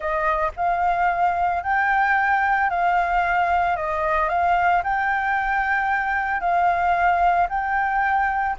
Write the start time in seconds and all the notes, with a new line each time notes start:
0.00 D#5
0.56 F5
1.63 G5
2.69 F5
3.76 D#5
4.29 F5
4.83 G5
6.40 F5
7.49 G5